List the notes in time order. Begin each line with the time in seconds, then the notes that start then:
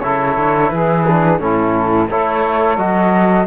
0.00 C#3 E4 A4 C#5
0.37 D3
0.69 E3 G#4 B4
1.07 D4
1.40 A2 C#4 E4 A4
2.09 A3 E4 A4 C#5
2.77 F#3 F#4 D#5